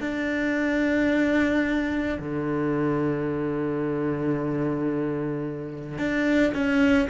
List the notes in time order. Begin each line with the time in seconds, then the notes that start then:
0.00 D4
2.19 D3
5.98 D4
6.54 C#4